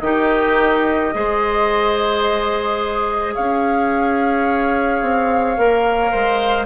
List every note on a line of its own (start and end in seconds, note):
0.00 1.11 D#3
0.00 1.12 D#4
0.00 1.14 G4
0.00 3.33 D#5
1.12 3.36 G#3
1.12 5.56 G#4
1.12 3.35 C5
3.34 5.02 C#4
3.34 6.11 C#5
3.34 6.66 F5
5.02 5.57 C4
5.57 6.13 A#3
5.57 6.66 A#4
6.11 6.66 G#3
6.11 6.66 C5